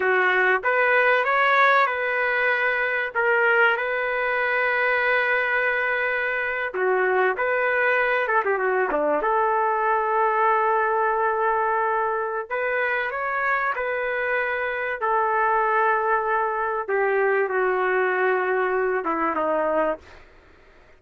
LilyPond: \new Staff \with { instrumentName = "trumpet" } { \time 4/4 \tempo 4 = 96 fis'4 b'4 cis''4 b'4~ | b'4 ais'4 b'2~ | b'2~ b'8. fis'4 b'16~ | b'4~ b'16 a'16 g'16 fis'8 d'8 a'4~ a'16~ |
a'1 | b'4 cis''4 b'2 | a'2. g'4 | fis'2~ fis'8 e'8 dis'4 | }